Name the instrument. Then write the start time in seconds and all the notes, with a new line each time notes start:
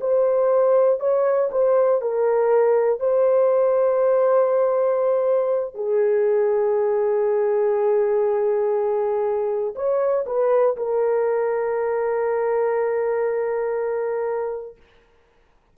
horn
0.00 C5
1.00 C#5
1.51 C5
2.01 A#4
3.00 C5
5.75 G#4
9.75 C#5
10.25 B4
10.76 A#4